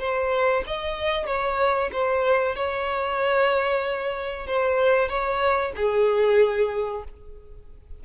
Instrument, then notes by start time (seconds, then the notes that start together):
violin
0.00 C5
0.67 D#5
1.27 C#5
1.93 C5
2.56 C#5
4.47 C5
5.09 C#5
5.76 G#4